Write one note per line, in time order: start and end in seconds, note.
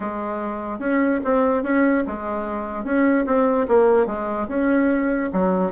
0.00 0.79 G#3
0.79 1.19 C#4
1.24 1.63 C4
1.63 2.04 C#4
2.06 2.84 G#3
2.84 3.25 C#4
3.26 3.67 C4
3.68 4.06 A#3
4.06 4.47 G#3
4.48 5.29 C#4
5.32 5.71 F#3